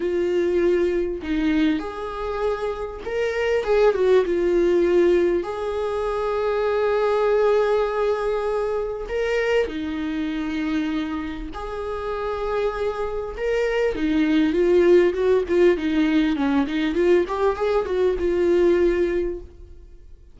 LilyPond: \new Staff \with { instrumentName = "viola" } { \time 4/4 \tempo 4 = 99 f'2 dis'4 gis'4~ | gis'4 ais'4 gis'8 fis'8 f'4~ | f'4 gis'2.~ | gis'2. ais'4 |
dis'2. gis'4~ | gis'2 ais'4 dis'4 | f'4 fis'8 f'8 dis'4 cis'8 dis'8 | f'8 g'8 gis'8 fis'8 f'2 | }